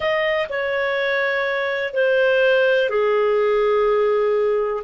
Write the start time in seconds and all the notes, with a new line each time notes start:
0.00 D#5
0.49 C#5
1.94 C5
2.89 G#4